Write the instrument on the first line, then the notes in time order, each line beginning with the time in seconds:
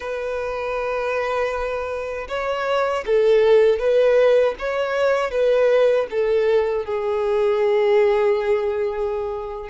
violin
0.00 B4
2.28 C#5
3.06 A4
3.79 B4
4.58 C#5
5.31 B4
6.10 A4
6.85 G#4